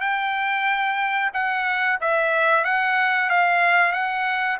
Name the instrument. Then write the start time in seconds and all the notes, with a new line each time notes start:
trumpet
0.00 G5
1.33 F#5
2.00 E5
2.64 F#5
3.29 F5
3.92 F#5